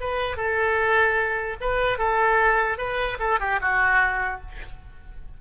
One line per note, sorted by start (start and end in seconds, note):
0.00 0.36 B4
0.36 1.56 A4
1.60 1.98 B4
1.98 2.77 A4
2.77 3.17 B4
3.19 3.39 A4
3.39 3.59 G4
3.61 4.41 F#4